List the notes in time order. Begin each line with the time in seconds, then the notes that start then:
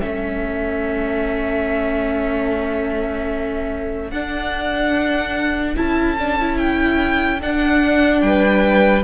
0.00 A3 C#4 A4 E5
4.11 D4 F#5
5.75 C#4 E4 A5
6.18 D4
6.39 E4
6.58 G5
7.40 D4 F#5
8.21 G3 B4 G5